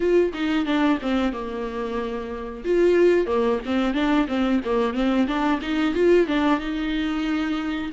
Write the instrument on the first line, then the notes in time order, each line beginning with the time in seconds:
viola
0.00 F4
0.33 D#4
0.65 D4
1.02 C4
1.32 A#3
2.64 F4
3.26 A#3
3.65 C4
3.94 D4
4.27 C4
4.64 A#3
4.93 C4
5.27 D4
5.61 D#4
5.94 F4
6.27 D4
6.59 D#4